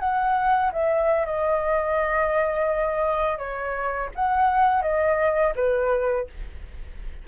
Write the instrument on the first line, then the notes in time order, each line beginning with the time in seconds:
flute
0.00 F#5
0.73 E5
1.26 D#5
3.38 C#5
4.16 F#5
4.82 D#5
5.56 B4